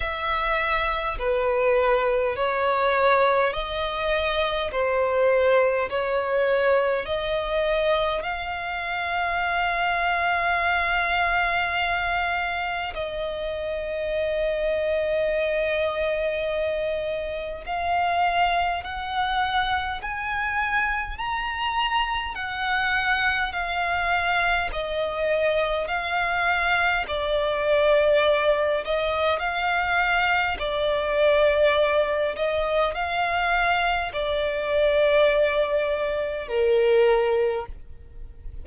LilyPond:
\new Staff \with { instrumentName = "violin" } { \time 4/4 \tempo 4 = 51 e''4 b'4 cis''4 dis''4 | c''4 cis''4 dis''4 f''4~ | f''2. dis''4~ | dis''2. f''4 |
fis''4 gis''4 ais''4 fis''4 | f''4 dis''4 f''4 d''4~ | d''8 dis''8 f''4 d''4. dis''8 | f''4 d''2 ais'4 | }